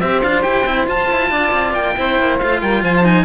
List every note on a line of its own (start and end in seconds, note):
0.00 0.23 C4
0.00 0.22 G4
0.00 1.31 C5
0.00 0.21 E5
0.21 0.44 D4
0.21 0.42 F4
0.21 0.42 F5
0.42 0.65 E4
0.42 0.64 G4
0.42 0.86 G5
0.65 0.86 C4
0.65 0.87 E4
0.86 1.08 F4
0.86 1.96 F4
0.86 1.74 A5
1.12 1.30 E4
1.30 1.52 D4
1.30 1.96 D5
1.52 1.74 C4
1.74 1.95 A#3
1.74 2.39 G5
1.96 2.19 C4
1.96 2.40 E4
1.96 2.61 C5
2.19 2.41 A#3
2.39 2.62 A3
2.39 3.04 F4
2.39 2.60 F5
2.61 2.83 G3
2.61 2.82 A#4
2.61 2.83 G5
2.83 3.25 F3
2.83 3.25 C5
2.83 2.95 G#5
2.97 3.05 A5
3.04 3.25 D#4
3.04 3.25 G#5